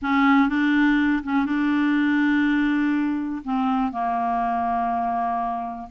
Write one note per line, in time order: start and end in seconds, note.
0.02 0.49 C#4
0.49 1.22 D4
1.23 1.45 C#4
1.45 3.42 D4
3.44 3.92 C4
3.92 5.88 A#3